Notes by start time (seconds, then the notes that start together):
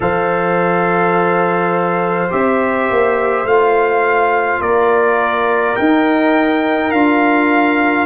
0.00 F3 A4 C5 F5
2.30 C4 G4 E5
2.89 A#3
3.44 A3 F4 F5
4.60 A#3 A#4 D5
5.76 D#4 G5
6.91 D4 F4 F5